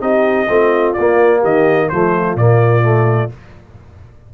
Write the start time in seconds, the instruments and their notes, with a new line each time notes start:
0.00 tuba C4, trombone D#4, horn G4, trumpet D#5
0.49 tuba A3, trombone C4, horn F4
0.94 tuba A#3, trumpet D5
1.01 trombone A#3
1.40 tuba D#3, horn G4, trumpet D#5
1.89 tuba F3, trombone A3, horn F4, trumpet C5
2.36 tuba A#2, trombone A#3, trumpet D5
2.82 trombone A3